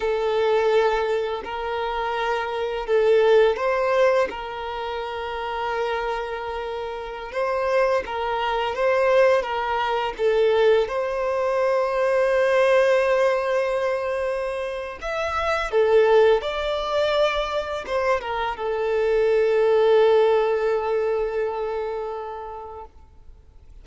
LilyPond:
\new Staff \with { instrumentName = "violin" } { \time 4/4 \tempo 4 = 84 a'2 ais'2 | a'4 c''4 ais'2~ | ais'2~ ais'16 c''4 ais'8.~ | ais'16 c''4 ais'4 a'4 c''8.~ |
c''1~ | c''4 e''4 a'4 d''4~ | d''4 c''8 ais'8 a'2~ | a'1 | }